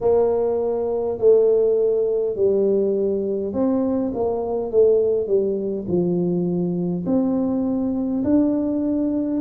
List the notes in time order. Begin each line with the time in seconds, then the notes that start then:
0.00 A#3
1.18 A3
2.35 G3
3.53 C4
4.14 A#3
4.71 A3
5.27 G3
5.87 F3
7.06 C4
8.24 D4